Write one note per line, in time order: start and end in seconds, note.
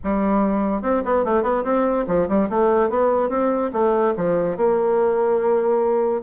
0.03 0.82 G3
0.82 1.02 C4
1.04 1.24 B3
1.24 1.43 A3
1.43 1.63 B3
1.64 2.05 C4
2.07 2.27 F3
2.28 2.48 G3
2.49 2.89 A3
2.89 3.29 B3
3.29 3.70 C4
3.72 4.14 A3
4.16 4.56 F3
4.56 6.22 A#3